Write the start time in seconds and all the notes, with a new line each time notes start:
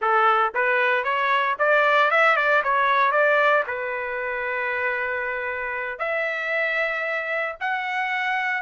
0.01 A4
0.54 B4
1.04 C#5
1.58 D5
2.11 E5
2.36 D5
2.63 C#5
3.11 D5
3.67 B4
5.99 E5
7.60 F#5